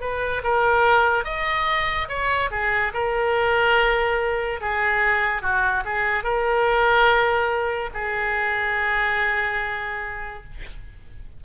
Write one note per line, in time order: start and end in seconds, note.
0.00 0.42 B4
0.43 1.24 A#4
1.24 2.08 D#5
2.08 2.50 C#5
2.51 2.92 G#4
2.94 4.60 A#4
4.60 5.42 G#4
5.42 5.83 F#4
5.84 6.23 G#4
6.23 7.90 A#4
7.94 10.44 G#4